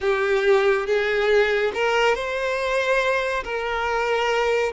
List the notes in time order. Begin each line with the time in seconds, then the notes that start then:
0.00 G4
0.86 G#4
1.74 A#4
2.14 C5
3.44 A#4